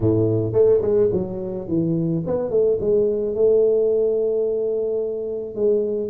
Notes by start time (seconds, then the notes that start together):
0.00 A2
0.53 A3
0.81 G#3
1.12 F#3
1.68 E3
2.26 B3
2.50 A3
2.80 G#3
3.34 A3
5.55 G#3